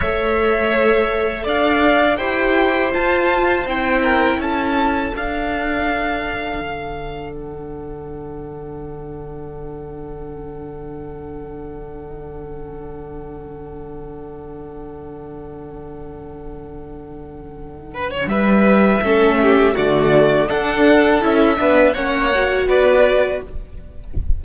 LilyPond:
<<
  \new Staff \with { instrumentName = "violin" } { \time 4/4 \tempo 4 = 82 e''2 f''4 g''4 | a''4 g''4 a''4 f''4~ | f''2 fis''2~ | fis''1~ |
fis''1~ | fis''1~ | fis''4 e''2 d''4 | fis''4 e''4 fis''4 d''4 | }
  \new Staff \with { instrumentName = "violin" } { \time 4/4 cis''2 d''4 c''4~ | c''4. ais'8 a'2~ | a'1~ | a'1~ |
a'1~ | a'1~ | a'8 b'16 cis''16 b'4 a'8 g'8 fis'4 | a'4. b'8 cis''4 b'4 | }
  \new Staff \with { instrumentName = "viola" } { \time 4/4 a'2. g'4 | f'4 e'2 d'4~ | d'1~ | d'1~ |
d'1~ | d'1~ | d'2 cis'4 a4 | d'4 e'8 d'8 cis'8 fis'4. | }
  \new Staff \with { instrumentName = "cello" } { \time 4/4 a2 d'4 e'4 | f'4 c'4 cis'4 d'4~ | d'4 d2.~ | d1~ |
d1~ | d1~ | d4 g4 a4 d4 | d'4 cis'8 b8 ais4 b4 | }
>>